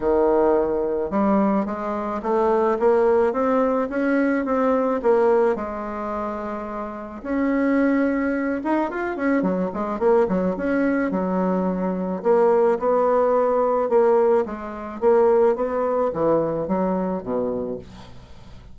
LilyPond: \new Staff \with { instrumentName = "bassoon" } { \time 4/4 \tempo 4 = 108 dis2 g4 gis4 | a4 ais4 c'4 cis'4 | c'4 ais4 gis2~ | gis4 cis'2~ cis'8 dis'8 |
f'8 cis'8 fis8 gis8 ais8 fis8 cis'4 | fis2 ais4 b4~ | b4 ais4 gis4 ais4 | b4 e4 fis4 b,4 | }